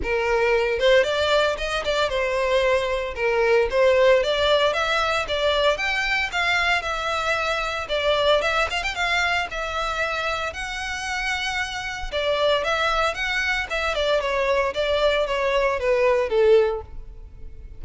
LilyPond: \new Staff \with { instrumentName = "violin" } { \time 4/4 \tempo 4 = 114 ais'4. c''8 d''4 dis''8 d''8 | c''2 ais'4 c''4 | d''4 e''4 d''4 g''4 | f''4 e''2 d''4 |
e''8 f''16 g''16 f''4 e''2 | fis''2. d''4 | e''4 fis''4 e''8 d''8 cis''4 | d''4 cis''4 b'4 a'4 | }